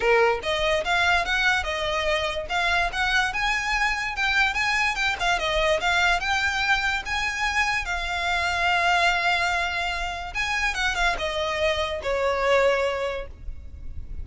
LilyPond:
\new Staff \with { instrumentName = "violin" } { \time 4/4 \tempo 4 = 145 ais'4 dis''4 f''4 fis''4 | dis''2 f''4 fis''4 | gis''2 g''4 gis''4 | g''8 f''8 dis''4 f''4 g''4~ |
g''4 gis''2 f''4~ | f''1~ | f''4 gis''4 fis''8 f''8 dis''4~ | dis''4 cis''2. | }